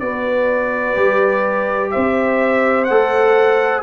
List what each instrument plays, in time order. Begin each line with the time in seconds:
0.00 tuba B3, trombone F#4, horn B4, trumpet D5
0.96 tuba G3, trombone G4
1.91 tuba C4, horn C5, trumpet E5
2.85 tuba A3, trombone A4, trumpet F#5